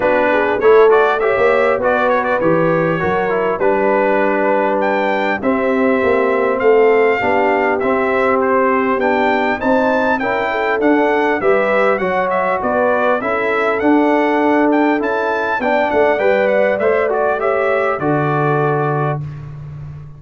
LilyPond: <<
  \new Staff \with { instrumentName = "trumpet" } { \time 4/4 \tempo 4 = 100 b'4 cis''8 d''8 e''4 d''8 cis''16 d''16 | cis''2 b'2 | g''4 e''2 f''4~ | f''4 e''4 c''4 g''4 |
a''4 g''4 fis''4 e''4 | fis''8 e''8 d''4 e''4 fis''4~ | fis''8 g''8 a''4 g''8 fis''8 g''8 fis''8 | e''8 d''8 e''4 d''2 | }
  \new Staff \with { instrumentName = "horn" } { \time 4/4 fis'8 gis'8 a'4 cis''4 b'4~ | b'4 ais'4 b'2~ | b'4 g'2 a'4 | g'1 |
c''4 ais'8 a'4. b'4 | cis''4 b'4 a'2~ | a'2 d''2~ | d''4 cis''4 a'2 | }
  \new Staff \with { instrumentName = "trombone" } { \time 4/4 d'4 e'8 fis'8 g'4 fis'4 | g'4 fis'8 e'8 d'2~ | d'4 c'2. | d'4 c'2 d'4 |
dis'4 e'4 d'4 g'4 | fis'2 e'4 d'4~ | d'4 e'4 d'4 b'4 | c''8 fis'8 g'4 fis'2 | }
  \new Staff \with { instrumentName = "tuba" } { \time 4/4 b4 a4~ a16 ais8. b4 | e4 fis4 g2~ | g4 c'4 ais4 a4 | b4 c'2 b4 |
c'4 cis'4 d'4 g4 | fis4 b4 cis'4 d'4~ | d'4 cis'4 b8 a8 g4 | a2 d2 | }
>>